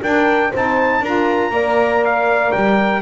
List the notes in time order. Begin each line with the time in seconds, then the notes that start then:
0.00 D4 A#4 G5
0.50 C4 D#4 C5 A5
1.00 D4 F4 A#4 A#5
1.50 A#3 A#4 D5
2.05 F5
2.52 G3 G5